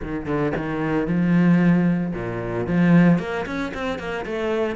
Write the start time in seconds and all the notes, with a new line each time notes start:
0.02 D#3
0.26 D3
0.56 D#3
1.07 F3
2.14 A#2
2.66 F3
3.19 A#3
3.45 C#4
3.73 C4
3.98 A#3
4.25 A3